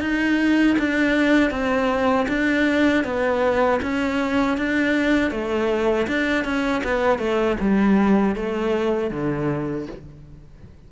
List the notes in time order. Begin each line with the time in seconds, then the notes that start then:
0.00 D#4
0.78 D4
1.50 C4
2.28 D4
3.04 B3
3.82 C#4
4.57 D4
5.31 A3
6.07 D4
6.44 C#4
6.84 B3
7.18 A3
7.60 G3
8.35 A3
9.10 D3